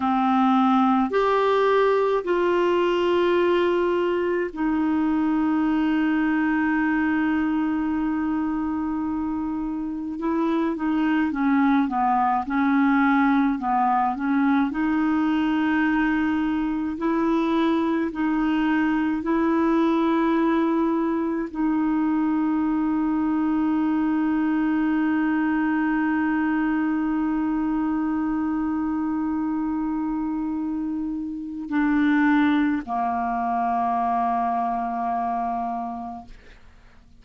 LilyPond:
\new Staff \with { instrumentName = "clarinet" } { \time 4/4 \tempo 4 = 53 c'4 g'4 f'2 | dis'1~ | dis'4 e'8 dis'8 cis'8 b8 cis'4 | b8 cis'8 dis'2 e'4 |
dis'4 e'2 dis'4~ | dis'1~ | dis'1 | d'4 ais2. | }